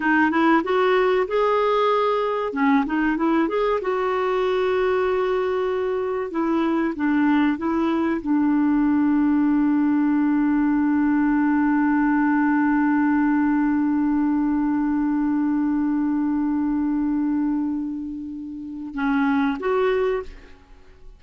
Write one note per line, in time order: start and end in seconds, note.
0.00 0.30 D#4
0.30 0.62 E4
0.63 1.26 F#4
1.27 2.53 G#4
2.53 2.84 C#4
2.86 3.16 D#4
3.16 3.48 E4
3.48 3.80 G#4
3.81 6.30 F#4
6.30 6.94 E4
6.95 7.57 D4
7.57 8.20 E4
8.21 18.94 D4
18.94 19.57 C#4
19.59 20.22 F#4